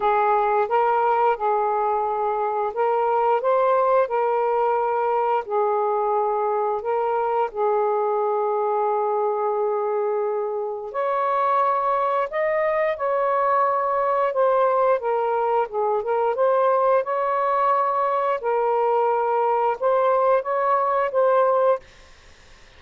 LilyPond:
\new Staff \with { instrumentName = "saxophone" } { \time 4/4 \tempo 4 = 88 gis'4 ais'4 gis'2 | ais'4 c''4 ais'2 | gis'2 ais'4 gis'4~ | gis'1 |
cis''2 dis''4 cis''4~ | cis''4 c''4 ais'4 gis'8 ais'8 | c''4 cis''2 ais'4~ | ais'4 c''4 cis''4 c''4 | }